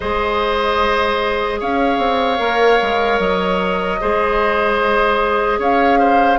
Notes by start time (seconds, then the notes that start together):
0.00 G#3 G#4 C5 D#5
1.60 C#4 C#5 F5
1.98 C4
2.38 A#3 A#4
2.82 G#3
3.19 F#3 D#5
4.00 G#3 G#4 C5
5.58 C#4 C#5 F5
5.99 C5